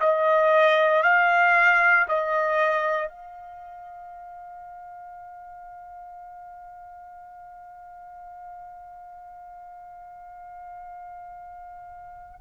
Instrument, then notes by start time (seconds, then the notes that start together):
trumpet
0.00 D#5
1.03 F5
2.08 D#5
3.08 F5